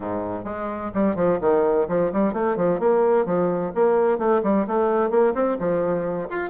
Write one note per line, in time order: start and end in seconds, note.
0.00 0.44 G#2
0.44 0.91 G#3
0.94 1.15 G3
1.15 1.38 F3
1.40 1.87 D#3
1.88 2.11 F3
2.12 2.33 G3
2.33 2.56 A3
2.56 2.79 F3
2.79 3.25 A#3
3.25 3.72 F3
3.74 4.18 A#3
4.18 4.41 A3
4.43 4.66 G3
4.67 5.10 A3
5.10 5.33 A#3
5.34 5.57 C4
5.59 6.29 F3
6.29 6.50 F4